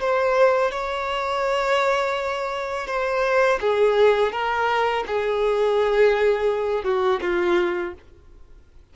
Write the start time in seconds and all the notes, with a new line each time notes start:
0.00 C5
0.71 C#5
2.87 C5
3.61 G#4
4.32 A#4
5.06 G#4
6.84 F#4
7.21 F4